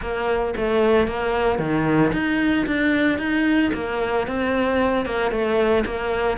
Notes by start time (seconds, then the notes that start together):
0.01 A#3
0.56 A3
1.07 A#3
1.59 D#3
2.12 D#4
2.66 D4
3.18 D#4
3.74 A#3
4.27 C4
5.05 A#3
5.31 A3
5.86 A#3